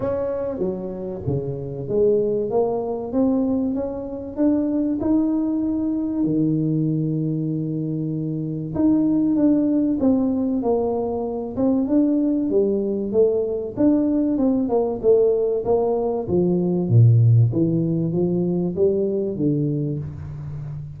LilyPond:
\new Staff \with { instrumentName = "tuba" } { \time 4/4 \tempo 4 = 96 cis'4 fis4 cis4 gis4 | ais4 c'4 cis'4 d'4 | dis'2 dis2~ | dis2 dis'4 d'4 |
c'4 ais4. c'8 d'4 | g4 a4 d'4 c'8 ais8 | a4 ais4 f4 ais,4 | e4 f4 g4 d4 | }